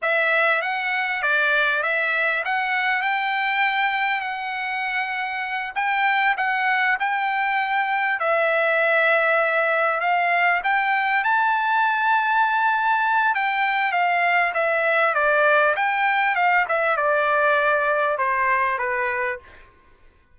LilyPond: \new Staff \with { instrumentName = "trumpet" } { \time 4/4 \tempo 4 = 99 e''4 fis''4 d''4 e''4 | fis''4 g''2 fis''4~ | fis''4. g''4 fis''4 g''8~ | g''4. e''2~ e''8~ |
e''8 f''4 g''4 a''4.~ | a''2 g''4 f''4 | e''4 d''4 g''4 f''8 e''8 | d''2 c''4 b'4 | }